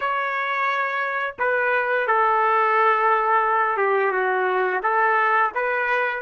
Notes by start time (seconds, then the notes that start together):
0.00 C#5
1.38 B4
2.07 A4
3.77 G4
4.11 F#4
4.82 A4
5.54 B4